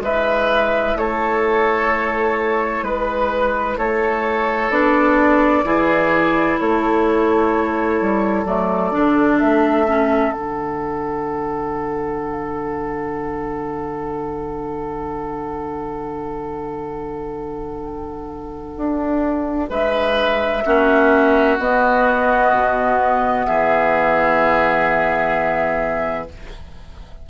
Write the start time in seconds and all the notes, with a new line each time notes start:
0.00 G#3 E4 B4 E5
0.95 A3 A4 C#5
2.82 G#3 B4
3.77 A3 A4 C#5
4.70 B3 D4 D5
5.64 E3 E4 G#4
6.58 A3 A4 C#5
8.00 G3
8.44 F#3 A3 D5
8.91 D3 D4
9.39 A3 E5
9.87 C#4
10.32 D3 D4 F#5
18.76 D4
19.69 G#3 B4 E5
20.65 A#3 C#4 F#4
21.58 B3 D#5
22.52 B2
23.45 E3 G#4 E5